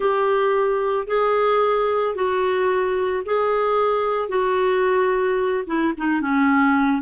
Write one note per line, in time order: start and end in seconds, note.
0.00 1.07 G4
1.07 2.15 G#4
2.15 3.23 F#4
3.25 4.28 G#4
4.28 5.64 F#4
5.66 5.93 E4
5.97 6.21 D#4
6.21 7.01 C#4